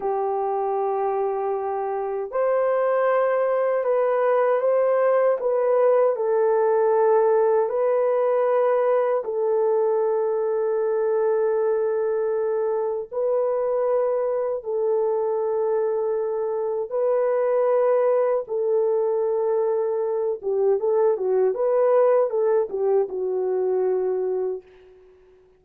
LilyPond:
\new Staff \with { instrumentName = "horn" } { \time 4/4 \tempo 4 = 78 g'2. c''4~ | c''4 b'4 c''4 b'4 | a'2 b'2 | a'1~ |
a'4 b'2 a'4~ | a'2 b'2 | a'2~ a'8 g'8 a'8 fis'8 | b'4 a'8 g'8 fis'2 | }